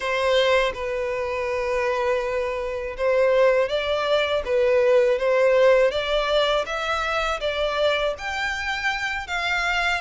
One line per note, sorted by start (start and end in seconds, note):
0.00 0.72 C5
0.74 2.96 B4
2.97 3.68 C5
3.68 4.42 D5
4.45 5.19 B4
5.19 5.91 C5
5.91 6.65 D5
6.65 7.39 E5
7.40 8.14 D5
8.18 9.27 G5
9.27 10.01 F5